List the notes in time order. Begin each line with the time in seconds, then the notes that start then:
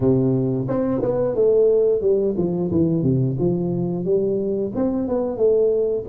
0.00 C3
0.67 C4
1.01 B3
1.35 A3
2.01 G3
2.37 F3
2.71 E3
3.02 C3
3.39 F3
4.04 G3
4.75 C4
5.07 B3
5.37 A3